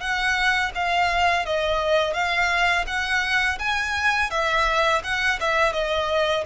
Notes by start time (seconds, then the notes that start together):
0.00 F#5
0.74 F5
1.45 D#5
2.13 F5
2.87 F#5
3.59 G#5
4.30 E5
5.03 F#5
5.40 E5
5.73 D#5